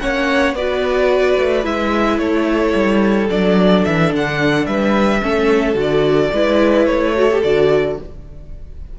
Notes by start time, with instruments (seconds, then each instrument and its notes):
0.00 cello A#3, viola C#4, violin C#5 F#5
0.54 cello B3, viola F#4, violin B4 D5
1.38 cello A3
1.64 cello G#3, viola E4, violin E5
2.18 cello A3, violin A4 C#5
2.75 cello G3
3.30 cello F#3, viola D4, violin D5
3.85 cello E3, violin E5
4.13 cello D3, violin F#5
4.66 cello G3, violin B4 E5
5.22 cello A3, viola C#4, violin A4
5.75 cello D3, viola F#4
5.81 violin D5
6.33 cello G#3, viola E4, violin B4
6.86 cello A3, violin C#5
7.16 viola F#4, violin A4
7.31 viola G4
7.43 cello D3, viola F#4, violin D5